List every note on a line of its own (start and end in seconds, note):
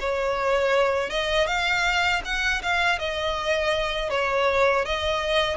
0.00 1.10 C#5
1.10 1.47 D#5
1.47 2.22 F5
2.25 2.62 F#5
2.62 2.99 F5
2.99 4.10 D#5
4.10 4.85 C#5
4.85 5.57 D#5